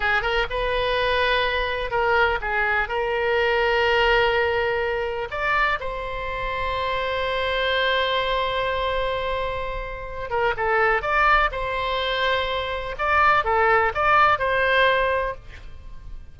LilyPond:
\new Staff \with { instrumentName = "oboe" } { \time 4/4 \tempo 4 = 125 gis'8 ais'8 b'2. | ais'4 gis'4 ais'2~ | ais'2. d''4 | c''1~ |
c''1~ | c''4. ais'8 a'4 d''4 | c''2. d''4 | a'4 d''4 c''2 | }